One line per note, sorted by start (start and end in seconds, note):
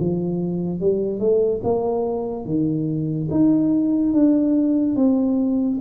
0.00 0.81 F3
0.81 1.20 G3
1.20 1.61 A3
1.64 2.45 A#3
2.45 3.29 D#3
3.31 4.13 D#4
4.13 4.96 D4
4.96 5.79 C4